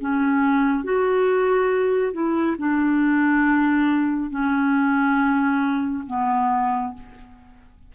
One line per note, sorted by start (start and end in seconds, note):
0.00 0.83 C#4
0.83 2.12 F#4
2.12 2.56 E4
2.58 4.30 D4
4.30 6.04 C#4
6.06 6.93 B3